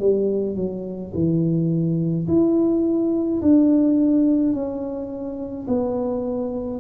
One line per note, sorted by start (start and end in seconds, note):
0.00 0.56 G3
0.56 1.13 F#3
1.14 2.27 E3
2.28 3.41 E4
3.42 4.53 D4
4.53 5.67 C#4
5.68 6.80 B3